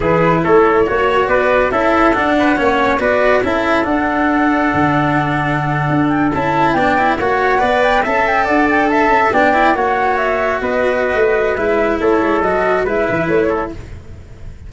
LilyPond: <<
  \new Staff \with { instrumentName = "flute" } { \time 4/4 \tempo 4 = 140 b'4 cis''2 d''4 | e''4 fis''2 d''4 | e''4 fis''2.~ | fis''2~ fis''16 g''8 a''4 g''16~ |
g''8. fis''4. g''8 a''8 g''8 fis''16~ | fis''16 g''8 a''4 g''4 fis''4 e''16~ | e''8. dis''2~ dis''16 e''4 | cis''4 dis''4 e''4 cis''4 | }
  \new Staff \with { instrumentName = "trumpet" } { \time 4/4 gis'4 a'4 cis''4 b'4 | a'4. b'8 cis''4 b'4 | a'1~ | a'2.~ a'8. d''16~ |
d''8. cis''4 d''4 e''4 d''16~ | d''8. e''4 d''4 cis''4~ cis''16~ | cis''8. b'2.~ b'16 | a'2 b'4. a'8 | }
  \new Staff \with { instrumentName = "cello" } { \time 4/4 e'2 fis'2 | e'4 d'4 cis'4 fis'4 | e'4 d'2.~ | d'2~ d'8. e'4 d'16~ |
d'16 e'8 fis'4 b'4 a'4~ a'16~ | a'4.~ a'16 d'8 e'8 fis'4~ fis'16~ | fis'2. e'4~ | e'4 fis'4 e'2 | }
  \new Staff \with { instrumentName = "tuba" } { \time 4/4 e4 a4 ais4 b4 | cis'4 d'4 ais4 b4 | cis'4 d'2 d4~ | d4.~ d16 d'4 cis'4 b16~ |
b8. ais4 b4 cis'4 d'16~ | d'4~ d'16 cis'8 b4 ais4~ ais16~ | ais8. b4~ b16 a4 gis4 | a8 gis8 fis4 gis8 e8 a4 | }
>>